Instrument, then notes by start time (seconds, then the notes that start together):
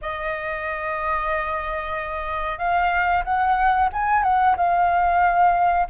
flute
0.01 D#5
2.58 F5
3.24 F#5
3.92 G#5
4.22 F#5
4.57 F5